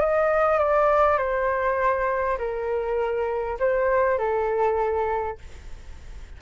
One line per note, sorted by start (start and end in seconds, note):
0.00 0.59 D#5
0.59 1.18 D5
1.18 2.38 C5
2.38 3.58 A#4
3.59 4.18 C5
4.18 5.38 A4